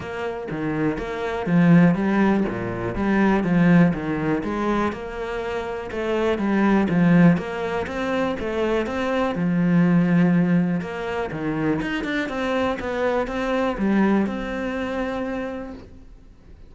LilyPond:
\new Staff \with { instrumentName = "cello" } { \time 4/4 \tempo 4 = 122 ais4 dis4 ais4 f4 | g4 ais,4 g4 f4 | dis4 gis4 ais2 | a4 g4 f4 ais4 |
c'4 a4 c'4 f4~ | f2 ais4 dis4 | dis'8 d'8 c'4 b4 c'4 | g4 c'2. | }